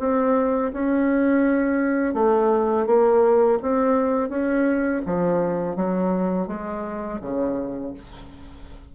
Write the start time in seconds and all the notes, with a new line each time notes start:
0.00 C4
0.73 C#4
2.15 A3
2.87 A#3
3.62 C4
4.30 C#4
5.06 F3
5.77 F#3
6.48 G#3
7.22 C#3